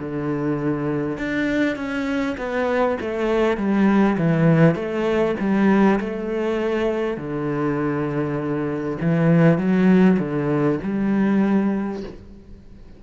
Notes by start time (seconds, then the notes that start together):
0.00 D3
1.18 D4
1.76 C#4
2.38 B3
3.02 A3
3.58 G3
4.19 E3
4.76 A3
5.40 G3
6.01 A3
7.18 D3
9.02 E3
9.59 F#3
10.19 D3
10.84 G3